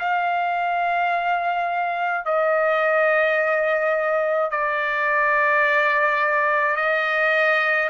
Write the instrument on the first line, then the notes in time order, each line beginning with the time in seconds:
trumpet
0.00 F5
2.25 D#5
4.51 D5
6.77 D#5